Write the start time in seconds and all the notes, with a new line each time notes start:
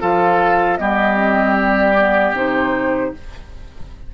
0.00 F3 F4 A4 F5
0.77 G3 B3 G4 D#5
1.16 C4
1.55 D5
1.97 B3
2.32 C3 D#4 C5